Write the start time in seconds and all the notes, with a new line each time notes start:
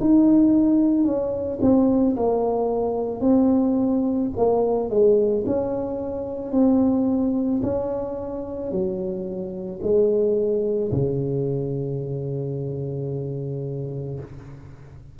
0.00 D#4
1.04 C#4
1.61 C4
2.16 A#3
3.20 C4
4.37 A#3
4.89 G#3
5.46 C#4
6.52 C4
7.62 C#4
8.71 F#3
9.82 G#3
10.92 C#3